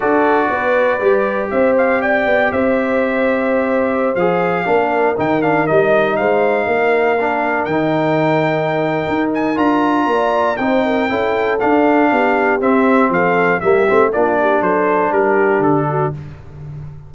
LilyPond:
<<
  \new Staff \with { instrumentName = "trumpet" } { \time 4/4 \tempo 4 = 119 d''2. e''8 f''8 | g''4 e''2.~ | e''16 f''2 g''8 f''8 dis''8.~ | dis''16 f''2. g''8.~ |
g''2~ g''8 gis''8 ais''4~ | ais''4 g''2 f''4~ | f''4 e''4 f''4 e''4 | d''4 c''4 ais'4 a'4 | }
  \new Staff \with { instrumentName = "horn" } { \time 4/4 a'4 b'2 c''4 | d''4 c''2.~ | c''4~ c''16 ais'2~ ais'8.~ | ais'16 c''4 ais'2~ ais'8.~ |
ais'1 | d''4 c''8 ais'8 a'2 | g'2 a'4 g'4 | f'8 g'8 a'4 g'4. fis'8 | }
  \new Staff \with { instrumentName = "trombone" } { \time 4/4 fis'2 g'2~ | g'1~ | g'16 gis'4 d'4 dis'8 d'8 dis'8.~ | dis'2~ dis'16 d'4 dis'8.~ |
dis'2. f'4~ | f'4 dis'4 e'4 d'4~ | d'4 c'2 ais8 c'8 | d'1 | }
  \new Staff \with { instrumentName = "tuba" } { \time 4/4 d'4 b4 g4 c'4~ | c'8 b8 c'2.~ | c'16 f4 ais4 dis4 g8.~ | g16 gis4 ais2 dis8.~ |
dis2 dis'4 d'4 | ais4 c'4 cis'4 d'4 | b4 c'4 f4 g8 a8 | ais4 fis4 g4 d4 | }
>>